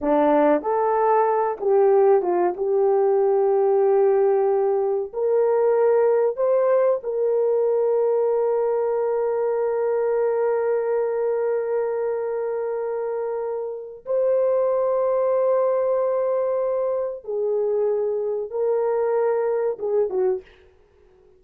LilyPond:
\new Staff \with { instrumentName = "horn" } { \time 4/4 \tempo 4 = 94 d'4 a'4. g'4 f'8 | g'1 | ais'2 c''4 ais'4~ | ais'1~ |
ais'1~ | ais'2 c''2~ | c''2. gis'4~ | gis'4 ais'2 gis'8 fis'8 | }